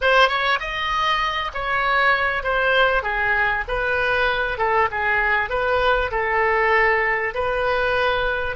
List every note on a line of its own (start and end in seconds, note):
0.01 0.28 C5
0.28 0.58 C#5
0.60 1.51 D#5
1.53 2.43 C#5
2.43 3.03 C5
3.03 3.64 G#4
3.68 4.58 B4
4.58 4.88 A4
4.91 5.49 G#4
5.49 6.11 B4
6.11 7.33 A4
7.34 8.55 B4